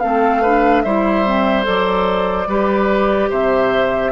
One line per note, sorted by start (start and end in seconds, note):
0.00 0.84 A3
0.00 0.43 C4
0.00 0.42 A4
0.00 0.82 F5
0.42 0.86 D4
0.42 0.83 B4
0.82 1.66 G3
0.82 1.25 E4
0.82 2.49 C5
0.82 1.64 E5
1.25 1.64 C4
1.64 2.47 F#3
1.64 2.46 A4
1.64 3.31 D5
2.47 3.29 G3
2.47 4.12 G4
2.47 3.29 B4
3.29 4.12 C3
3.29 4.12 C5
3.29 4.12 E5